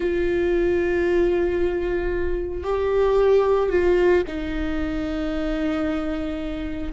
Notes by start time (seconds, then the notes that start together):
0.00 F4
2.63 G4
3.69 F4
4.27 D#4